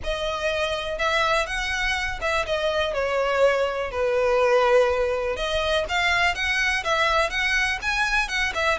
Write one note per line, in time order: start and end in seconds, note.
0.03 0.98 D#5
0.98 1.46 E5
1.46 2.19 F#5
2.21 2.45 E5
2.46 2.93 D#5
2.93 3.91 C#5
3.91 5.36 B4
5.36 5.85 D#5
5.88 6.34 F5
6.34 6.83 F#5
6.84 7.30 E5
7.30 7.78 F#5
7.82 8.28 G#5
8.28 8.53 F#5
8.54 8.78 E5